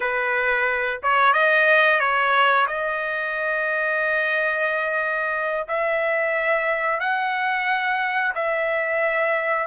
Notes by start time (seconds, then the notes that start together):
0.00 B4
1.02 C#5
1.33 D#5
1.99 C#5
2.67 D#5
5.68 E5
7.00 F#5
8.35 E5